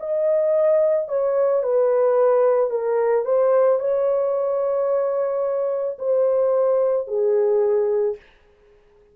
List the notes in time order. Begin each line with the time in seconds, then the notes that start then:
0.00 D#5
1.09 C#5
1.64 B4
2.71 A#4
3.26 C5
3.80 C#5
5.99 C5
7.08 G#4